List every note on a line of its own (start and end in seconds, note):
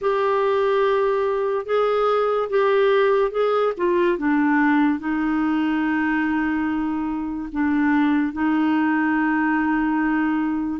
0.01 1.65 G4
1.65 2.48 G#4
2.49 3.31 G4
3.31 3.73 G#4
3.77 4.18 F4
4.18 4.99 D4
4.99 7.49 D#4
7.52 8.32 D4
8.32 10.80 D#4